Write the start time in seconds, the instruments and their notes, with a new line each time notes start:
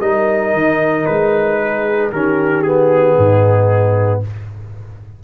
0.00 tuba G3, trombone D#4, horn A#4, trumpet D#5
0.53 tuba D#3
1.05 tuba G#3, trumpet B4
1.61 horn G#4
2.11 tuba D#3, trombone C#4, horn G4, trumpet A#4
2.62 trombone B3, trumpet G#4
3.16 tuba G#2, horn D#4